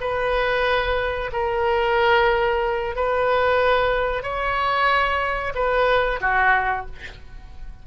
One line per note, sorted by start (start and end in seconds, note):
0.00 1.30 B4
1.32 2.95 A#4
2.95 4.23 B4
4.23 5.53 C#5
5.55 6.20 B4
6.20 6.86 F#4